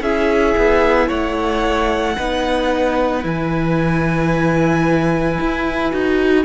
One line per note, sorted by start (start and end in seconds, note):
0.00 0.54 C#4
0.00 2.17 E4
0.00 1.07 G#4
0.00 1.09 E5
0.57 1.09 B3
1.07 2.17 A3
1.07 2.14 C#5
1.07 3.23 F#5
2.17 3.23 B3
2.17 3.22 D#4
2.17 6.45 B4
3.22 5.38 E3
3.22 5.90 E4
3.22 6.45 G#5
5.40 5.92 E4
5.90 6.45 D#4
5.90 6.44 F#4